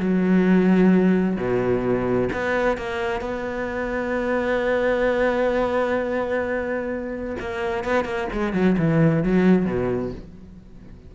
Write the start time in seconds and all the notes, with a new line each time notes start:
0.00 F#3
1.37 B2
2.33 B3
2.78 A#3
3.21 B3
7.40 A#3
7.84 B3
8.05 A#3
8.33 G#3
8.53 F#3
8.78 E3
9.24 F#3
9.66 B2